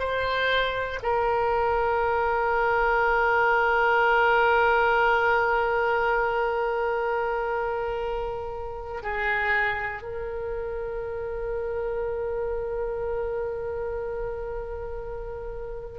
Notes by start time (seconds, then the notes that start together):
0.00 C5
1.03 A#4
9.03 G#4
10.03 A#4